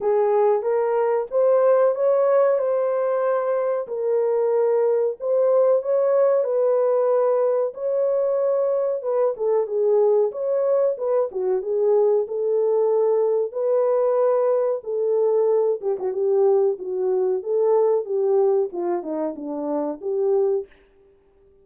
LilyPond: \new Staff \with { instrumentName = "horn" } { \time 4/4 \tempo 4 = 93 gis'4 ais'4 c''4 cis''4 | c''2 ais'2 | c''4 cis''4 b'2 | cis''2 b'8 a'8 gis'4 |
cis''4 b'8 fis'8 gis'4 a'4~ | a'4 b'2 a'4~ | a'8 g'16 fis'16 g'4 fis'4 a'4 | g'4 f'8 dis'8 d'4 g'4 | }